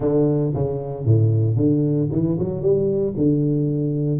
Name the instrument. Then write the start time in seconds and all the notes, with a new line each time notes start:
tuba
0.00 D3
0.54 C#3
1.05 A2
1.56 D3
2.11 E3
2.39 F#3
2.61 G3
3.16 D3